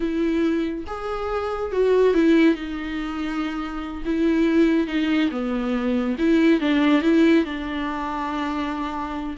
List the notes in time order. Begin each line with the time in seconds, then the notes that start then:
0.00 E4
0.86 G#4
1.72 F#4
2.14 E4
2.54 D#4
4.05 E4
4.87 D#4
5.31 B3
6.18 E4
6.60 D4
7.02 E4
7.44 D4